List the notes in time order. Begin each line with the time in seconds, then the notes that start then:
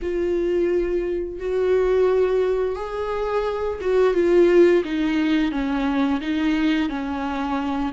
0.02 F4
1.39 F#4
2.75 G#4
3.81 F#4
4.14 F4
4.84 D#4
5.51 C#4
6.20 D#4
6.89 C#4